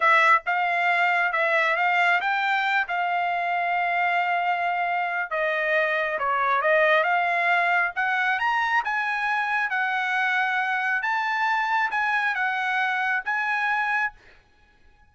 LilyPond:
\new Staff \with { instrumentName = "trumpet" } { \time 4/4 \tempo 4 = 136 e''4 f''2 e''4 | f''4 g''4. f''4.~ | f''1 | dis''2 cis''4 dis''4 |
f''2 fis''4 ais''4 | gis''2 fis''2~ | fis''4 a''2 gis''4 | fis''2 gis''2 | }